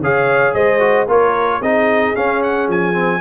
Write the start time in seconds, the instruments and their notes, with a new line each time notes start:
0.00 tuba C#3, trombone G#4, horn C#5, trumpet F5
0.54 tuba G#3, horn C5, trumpet D#5
0.79 trombone F#4
1.06 tuba A#3, trombone F4, horn A#4, trumpet C#5
1.61 tuba C4, trombone D#4, horn G#4, trumpet D#5
2.15 trombone C#4, tuba C#4, trumpet F5
2.43 trumpet F#5
2.68 tuba F3, trumpet G#5
2.93 trombone C4